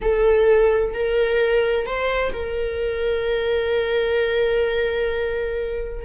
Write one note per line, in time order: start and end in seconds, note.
0.01 0.94 A4
0.94 1.86 A#4
1.86 2.32 C5
2.32 6.04 A#4